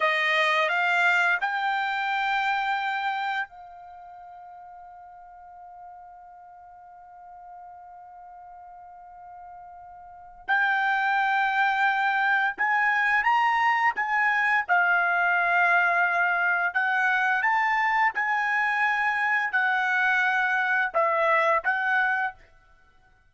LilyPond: \new Staff \with { instrumentName = "trumpet" } { \time 4/4 \tempo 4 = 86 dis''4 f''4 g''2~ | g''4 f''2.~ | f''1~ | f''2. g''4~ |
g''2 gis''4 ais''4 | gis''4 f''2. | fis''4 a''4 gis''2 | fis''2 e''4 fis''4 | }